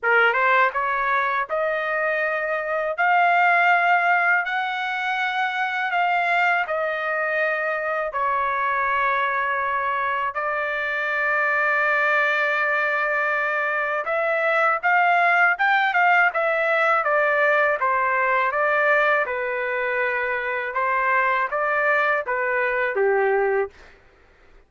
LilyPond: \new Staff \with { instrumentName = "trumpet" } { \time 4/4 \tempo 4 = 81 ais'8 c''8 cis''4 dis''2 | f''2 fis''2 | f''4 dis''2 cis''4~ | cis''2 d''2~ |
d''2. e''4 | f''4 g''8 f''8 e''4 d''4 | c''4 d''4 b'2 | c''4 d''4 b'4 g'4 | }